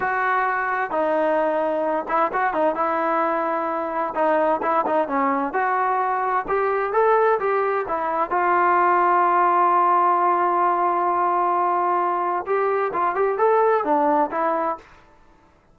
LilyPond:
\new Staff \with { instrumentName = "trombone" } { \time 4/4 \tempo 4 = 130 fis'2 dis'2~ | dis'8 e'8 fis'8 dis'8 e'2~ | e'4 dis'4 e'8 dis'8 cis'4 | fis'2 g'4 a'4 |
g'4 e'4 f'2~ | f'1~ | f'2. g'4 | f'8 g'8 a'4 d'4 e'4 | }